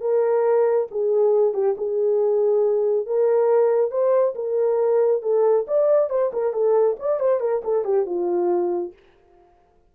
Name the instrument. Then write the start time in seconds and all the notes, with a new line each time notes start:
horn
0.00 A#4
0.91 G#4
1.53 G4
1.77 G#4
3.06 A#4
3.90 C5
4.35 A#4
5.22 A4
5.67 D5
6.09 C5
6.33 A#4
6.53 A4
6.99 D5
7.19 C5
7.40 A#4
7.64 A4
7.84 G4
8.06 F4